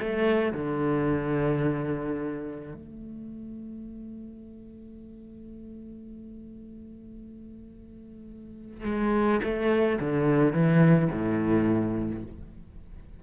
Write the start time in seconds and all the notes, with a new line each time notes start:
0.00 A3
0.53 D3
2.74 A3
8.85 G#3
9.43 A3
10.00 D3
10.53 E3
11.12 A2